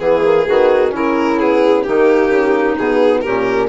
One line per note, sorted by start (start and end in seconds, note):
0.00 0.47 E3
0.00 0.23 B3
0.00 0.92 G#4
0.00 0.48 G#4
0.24 0.47 A#3
0.47 0.94 D#3
0.47 0.90 B3
0.47 0.94 F#4
0.90 1.87 C#3
0.90 1.36 C#4
0.90 1.86 E4
0.96 1.40 A#4
1.40 1.86 B3
1.40 1.84 G#4
1.84 2.30 D#3
1.84 2.79 A#3
1.84 3.24 D#4
1.84 2.76 G4
2.30 2.76 C#3
2.78 3.24 B2
2.78 3.26 B3
2.78 3.21 G#4
3.21 3.69 A#2
3.21 3.69 C#4
3.21 3.69 G4
3.21 3.67 A#4